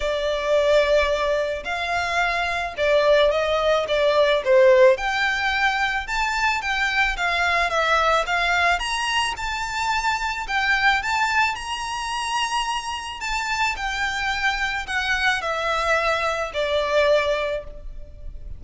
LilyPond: \new Staff \with { instrumentName = "violin" } { \time 4/4 \tempo 4 = 109 d''2. f''4~ | f''4 d''4 dis''4 d''4 | c''4 g''2 a''4 | g''4 f''4 e''4 f''4 |
ais''4 a''2 g''4 | a''4 ais''2. | a''4 g''2 fis''4 | e''2 d''2 | }